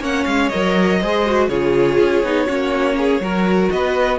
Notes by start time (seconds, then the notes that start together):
0.00 A#3 C#4 C#5 F#5
0.24 G#3 F5
0.49 F#3 A#4 D#5
1.00 G#3 G#4 C5
1.25 F#4
1.48 C#3 F4 G#4 C#5
1.98 C#4
2.23 B3 D#4
2.45 A#3 C#4 F#4
2.97 G#4
3.20 F#3 F#4 A#4
3.69 B3 B4 D#5